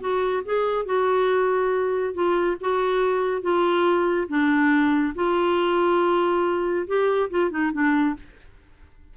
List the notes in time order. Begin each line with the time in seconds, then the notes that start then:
0.00 F#4
0.45 G#4
0.85 F#4
2.14 F4
2.60 F#4
3.42 F4
4.28 D4
5.15 F4
6.87 G4
7.30 F4
7.50 D#4
7.73 D4